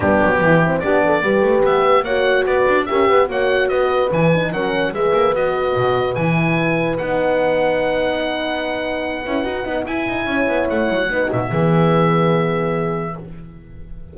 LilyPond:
<<
  \new Staff \with { instrumentName = "oboe" } { \time 4/4 \tempo 4 = 146 g'2 d''2 | e''4 fis''4 d''4 e''4 | fis''4 dis''4 gis''4 fis''4 | e''4 dis''2 gis''4~ |
gis''4 fis''2.~ | fis''1 | gis''2 fis''4. e''8~ | e''1 | }
  \new Staff \with { instrumentName = "horn" } { \time 4/4 d'4 e'4 g'8 a'8 b'4~ | b'4 cis''4 b'4 ais'8 b'8 | cis''4 b'2 ais'4 | b'1~ |
b'1~ | b'1~ | b'4 cis''2 b'8 fis'8 | gis'1 | }
  \new Staff \with { instrumentName = "horn" } { \time 4/4 b4. c'8 d'4 g'4~ | g'4 fis'2 g'4 | fis'2 e'8 dis'8 cis'4 | gis'4 fis'2 e'4~ |
e'4 dis'2.~ | dis'2~ dis'8 e'8 fis'8 dis'8 | e'2. dis'4 | b1 | }
  \new Staff \with { instrumentName = "double bass" } { \time 4/4 g8 fis8 e4 b4 g8 a8 | b4 ais4 b8 d'8 cis'8 b8 | ais4 b4 e4 fis4 | gis8 ais8 b4 b,4 e4~ |
e4 b2.~ | b2~ b8 cis'8 dis'8 b8 | e'8 dis'8 cis'8 b8 a8 fis8 b8 b,8 | e1 | }
>>